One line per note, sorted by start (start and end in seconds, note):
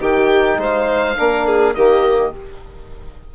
0.00 0.57 D#3
0.00 1.16 D#4
0.00 0.59 G4
0.00 0.61 G5
0.57 1.16 G#3
0.57 1.17 C5
0.57 1.74 F5
1.16 1.75 A#3
1.16 1.74 D4
1.16 1.47 A#4
1.47 1.76 G#4
1.74 2.33 D#3
1.74 2.33 A#3
1.74 2.34 G4
1.74 2.32 D#5